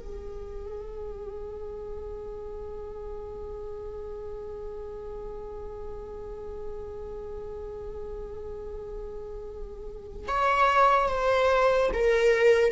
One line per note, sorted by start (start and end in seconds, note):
0.00 10.27 G#4
10.28 11.09 C#5
11.09 11.91 C5
11.94 12.72 A#4